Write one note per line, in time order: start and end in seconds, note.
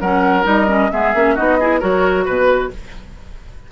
0.00 0.45 F#3
0.00 0.43 C#4
0.00 0.90 A#4
0.00 0.45 F#5
0.43 0.89 G3
0.43 0.66 D#4
0.43 0.90 D#5
0.67 0.90 C#4
0.90 1.14 G#3
0.90 1.14 B3
0.90 1.34 G#4
0.90 1.35 E5
1.14 1.36 A#3
1.14 1.37 C#4
1.34 1.82 B3
1.34 1.59 D#4
1.34 1.57 F#4
1.34 1.80 D#5
1.60 1.81 E4
1.60 1.79 G#4
1.79 2.27 F#3
1.79 2.70 F#4
1.79 2.24 A#4
1.79 2.25 C#5
2.25 2.71 B2
2.25 2.70 B4
2.25 2.71 B4